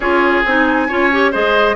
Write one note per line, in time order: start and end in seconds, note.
0.00 0.43 C#4
0.00 0.45 F4
0.00 0.87 G#4
0.00 0.42 C#5
0.45 0.89 C4
0.45 0.89 D#4
0.45 1.32 G#5
0.88 1.34 C#4
0.88 1.11 F4
0.88 1.31 C#5
1.11 1.32 G4
1.31 1.75 G#3
1.31 1.75 G#4
1.31 1.75 C5
1.31 1.75 D#5